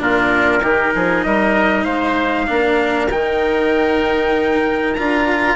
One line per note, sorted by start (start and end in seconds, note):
0.00 0.61 A#2
0.00 0.62 D4
0.00 0.63 F4
0.00 1.24 A#4
0.61 0.92 D#3
0.61 2.47 D#4
0.61 0.94 G4
0.95 1.26 F3
0.95 1.26 G#4
1.24 1.87 G3
1.24 1.85 A#4
1.24 1.85 D#5
1.85 2.48 G#3
1.85 2.47 C5
1.85 3.09 F5
2.47 3.11 A#3
2.47 3.09 D4
2.47 5.56 A#4
3.11 4.98 D#3
3.11 4.97 D#4
3.11 4.94 G5
4.94 5.56 D4
4.94 5.56 F4
4.94 5.56 A#5